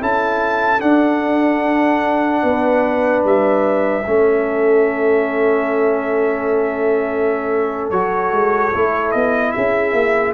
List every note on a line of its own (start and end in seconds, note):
0.00 0.82 C#4
0.00 0.80 E4
0.00 2.43 A4
0.00 0.81 A5
0.80 4.04 D4
0.80 2.44 D4
0.80 3.24 F#5
2.43 3.24 B3
2.43 4.05 B4
3.24 4.05 G3
3.24 7.91 E5
4.06 7.91 A3
4.06 7.93 C#4
4.06 9.54 A4
7.91 8.32 F#3
7.91 8.74 F#4
7.91 9.12 C#5
8.32 8.72 G#3
8.75 9.15 A3
8.75 10.34 E4
9.12 9.55 B3
9.12 9.52 D#5
9.52 9.93 C#4
9.52 10.34 G#4
9.52 10.33 E5
9.93 10.34 A#3